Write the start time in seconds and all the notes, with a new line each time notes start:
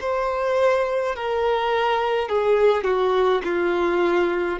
0.00 C5
1.15 A#4
2.29 G#4
2.84 F#4
3.44 F4